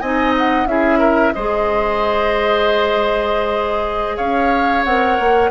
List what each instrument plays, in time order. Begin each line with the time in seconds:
0.00 bassoon C4, clarinet D#4, oboe D#5, flute G#5
0.38 flute F#5
0.66 bassoon C#4, clarinet E4, oboe G#4, flute E5
0.99 oboe A#4
1.34 bassoon G#3, clarinet G#4, oboe C5, flute D#5
4.17 bassoon C#4, oboe C#5, flute F5
4.85 bassoon C4, clarinet A#4, flute F#5
5.20 bassoon A#3